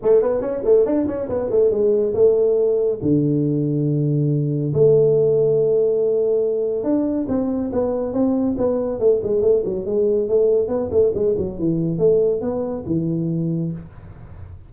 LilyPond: \new Staff \with { instrumentName = "tuba" } { \time 4/4 \tempo 4 = 140 a8 b8 cis'8 a8 d'8 cis'8 b8 a8 | gis4 a2 d4~ | d2. a4~ | a1 |
d'4 c'4 b4 c'4 | b4 a8 gis8 a8 fis8 gis4 | a4 b8 a8 gis8 fis8 e4 | a4 b4 e2 | }